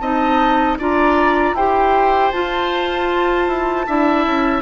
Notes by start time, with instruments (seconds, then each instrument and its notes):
0.00 bassoon C4, clarinet D#4, oboe D#5, flute A5
0.79 bassoon D4, clarinet F4, oboe D5, flute A#5
1.54 bassoon E4, clarinet G4, oboe C5, flute G5
2.32 bassoon F4, clarinet F4, flute A5
3.48 bassoon E4
3.87 bassoon D4, clarinet E4, oboe E5
4.27 bassoon C#4